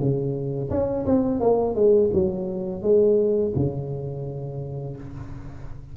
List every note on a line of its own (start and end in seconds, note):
0.00 0.71 C#3
0.71 1.06 C#4
1.07 1.41 C4
1.41 1.75 A#3
1.75 2.10 G#3
2.13 2.83 F#3
2.83 3.53 G#3
3.56 4.97 C#3